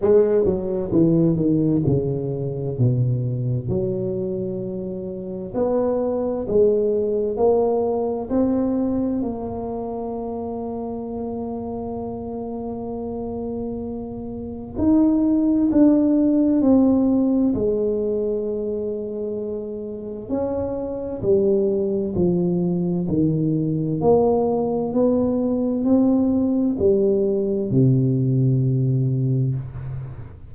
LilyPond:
\new Staff \with { instrumentName = "tuba" } { \time 4/4 \tempo 4 = 65 gis8 fis8 e8 dis8 cis4 b,4 | fis2 b4 gis4 | ais4 c'4 ais2~ | ais1 |
dis'4 d'4 c'4 gis4~ | gis2 cis'4 g4 | f4 dis4 ais4 b4 | c'4 g4 c2 | }